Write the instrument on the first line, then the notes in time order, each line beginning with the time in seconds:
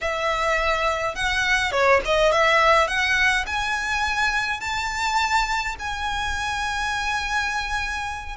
violin
0.01 E5
1.15 F#5
1.72 C#5
2.05 D#5
2.32 E5
2.87 F#5
3.46 G#5
4.60 A5
5.79 G#5